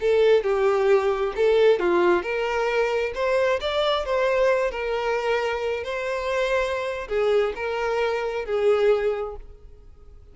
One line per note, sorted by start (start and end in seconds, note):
0.00 0.43 A4
0.43 1.33 G4
1.36 1.79 A4
1.79 2.22 F4
2.22 3.12 A#4
3.14 3.59 C5
3.60 4.05 D5
4.05 4.71 C5
4.71 5.83 A#4
5.83 7.07 C5
7.08 7.53 G#4
7.55 8.45 A#4
8.45 9.35 G#4